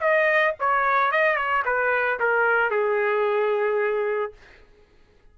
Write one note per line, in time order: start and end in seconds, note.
0.00 0.54 D#5
0.59 1.11 C#5
1.11 1.36 D#5
1.36 1.63 C#5
1.65 2.19 B4
2.19 2.70 A#4
2.70 4.32 G#4